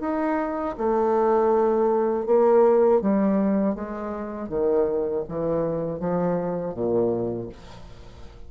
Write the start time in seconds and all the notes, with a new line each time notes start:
0.00 D#4
0.77 A3
2.26 A#3
3.01 G3
3.75 G#3
4.49 D#3
5.28 E3
6.00 F3
6.74 A#2